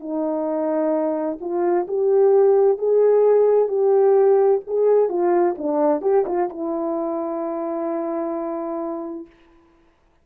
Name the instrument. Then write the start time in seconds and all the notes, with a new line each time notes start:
horn
0.00 D#4
1.41 F4
1.88 G4
2.79 G#4
3.69 G4
4.67 G#4
5.09 F4
5.58 D4
6.02 G4
6.26 F4
6.50 E4